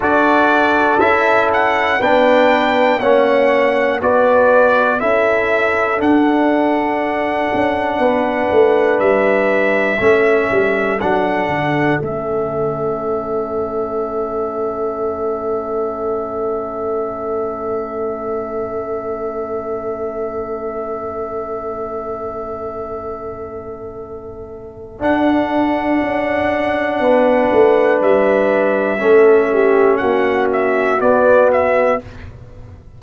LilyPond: <<
  \new Staff \with { instrumentName = "trumpet" } { \time 4/4 \tempo 4 = 60 d''4 e''8 fis''8 g''4 fis''4 | d''4 e''4 fis''2~ | fis''4 e''2 fis''4 | e''1~ |
e''1~ | e''1~ | e''4 fis''2. | e''2 fis''8 e''8 d''8 e''8 | }
  \new Staff \with { instrumentName = "horn" } { \time 4/4 a'2 b'4 cis''4 | b'4 a'2. | b'2 a'2~ | a'1~ |
a'1~ | a'1~ | a'2. b'4~ | b'4 a'8 g'8 fis'2 | }
  \new Staff \with { instrumentName = "trombone" } { \time 4/4 fis'4 e'4 d'4 cis'4 | fis'4 e'4 d'2~ | d'2 cis'4 d'4 | cis'1~ |
cis'1~ | cis'1~ | cis'4 d'2.~ | d'4 cis'2 b4 | }
  \new Staff \with { instrumentName = "tuba" } { \time 4/4 d'4 cis'4 b4 ais4 | b4 cis'4 d'4. cis'8 | b8 a8 g4 a8 g8 fis8 d8 | a1~ |
a1~ | a1~ | a4 d'4 cis'4 b8 a8 | g4 a4 ais4 b4 | }
>>